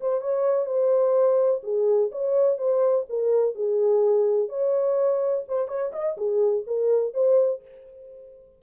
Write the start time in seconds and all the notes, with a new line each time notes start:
0.00 C5
0.21 C#5
0.66 C5
1.63 G#4
2.11 C#5
2.58 C5
3.09 A#4
3.55 G#4
4.48 C#5
5.48 C5
5.68 C#5
5.92 D#5
6.17 G#4
6.67 A#4
7.14 C5